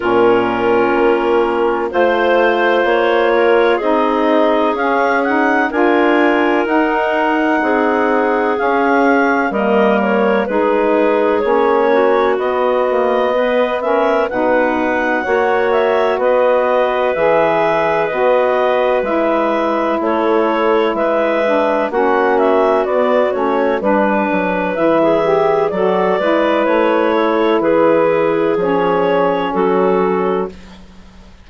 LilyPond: <<
  \new Staff \with { instrumentName = "clarinet" } { \time 4/4 \tempo 4 = 63 ais'2 c''4 cis''4 | dis''4 f''8 fis''8 gis''4 fis''4~ | fis''4 f''4 dis''8 cis''8 b'4 | cis''4 dis''4. e''8 fis''4~ |
fis''8 e''8 dis''4 e''4 dis''4 | e''4 cis''4 e''4 fis''8 e''8 | d''8 cis''8 b'4 e''4 d''4 | cis''4 b'4 cis''4 a'4 | }
  \new Staff \with { instrumentName = "clarinet" } { \time 4/4 f'2 c''4. ais'8 | gis'2 ais'2 | gis'2 ais'4 gis'4~ | gis'8 fis'4. b'8 ais'8 b'4 |
cis''4 b'2.~ | b'4 a'4 b'4 fis'4~ | fis'4 b'4~ b'16 gis'8. a'8 b'8~ | b'8 a'8 gis'2 fis'4 | }
  \new Staff \with { instrumentName = "saxophone" } { \time 4/4 cis'2 f'2 | dis'4 cis'8 dis'8 f'4 dis'4~ | dis'4 cis'4 ais4 dis'4 | cis'4 b8 ais8 b8 cis'8 dis'4 |
fis'2 gis'4 fis'4 | e'2~ e'8 d'8 cis'4 | b8 cis'8 d'4 e'8 g'8 fis'8 e'8~ | e'2 cis'2 | }
  \new Staff \with { instrumentName = "bassoon" } { \time 4/4 ais,4 ais4 a4 ais4 | c'4 cis'4 d'4 dis'4 | c'4 cis'4 g4 gis4 | ais4 b2 b,4 |
ais4 b4 e4 b4 | gis4 a4 gis4 ais4 | b8 a8 g8 fis8 e4 fis8 gis8 | a4 e4 f4 fis4 | }
>>